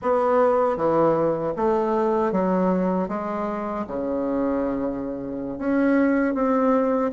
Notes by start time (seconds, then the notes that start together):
0.02 B3
0.76 E3
1.56 A3
2.32 F#3
3.08 G#3
3.87 C#3
5.58 C#4
6.34 C4